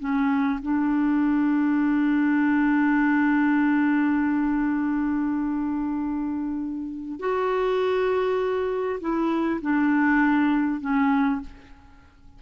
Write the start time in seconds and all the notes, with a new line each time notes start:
0.00 C#4
0.62 D4
7.20 F#4
9.01 E4
9.62 D4
10.81 C#4